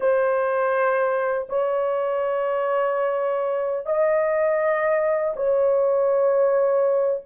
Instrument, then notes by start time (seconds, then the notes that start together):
horn
0.00 C5
1.48 C#5
3.86 D#5
5.36 C#5